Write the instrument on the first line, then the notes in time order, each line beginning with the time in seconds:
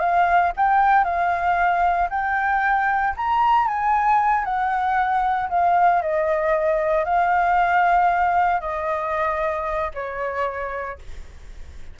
flute
0.00 F5
0.57 G5
1.04 F5
2.10 G5
3.17 A#5
3.68 G#5
4.45 F#5
5.49 F5
6.02 D#5
7.05 F5
8.61 D#5
9.94 C#5